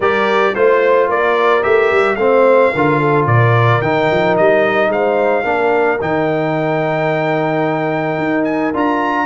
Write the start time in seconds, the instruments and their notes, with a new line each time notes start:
0.00 tuba G3, trombone G4, horn A#4, trumpet D5
0.54 tuba A3, trombone F4, trumpet C5, horn C5
1.08 tuba A#3, horn A#4, trumpet D5
1.62 tuba A3, trombone G4, trumpet E5
1.91 tuba G3
2.15 tuba A3, trombone C4, horn C5, trumpet F5
2.73 tuba D3, trombone F4, horn A#4
2.99 horn A4
3.25 tuba A#2, horn A#4, trumpet D5
3.81 tuba D#3, trombone D#4, trumpet G5
4.11 tuba F3
4.36 tuba G3, trumpet D#5
4.88 tuba G#3, horn C5, trumpet F5
5.44 tuba A#3, trombone D4, horn A#4
6.01 tuba D#3, trombone D#4, trumpet G5
8.18 tuba D#4
8.44 trumpet G#5
8.73 tuba D4, trombone F4, trumpet A#5